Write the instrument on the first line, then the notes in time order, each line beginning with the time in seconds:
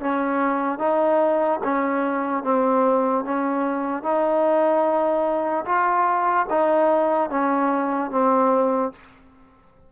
trombone
0.00 C#4
0.79 D#4
1.64 C#4
2.43 C4
3.25 C#4
4.03 D#4
5.65 F4
6.50 D#4
7.30 C#4
8.11 C4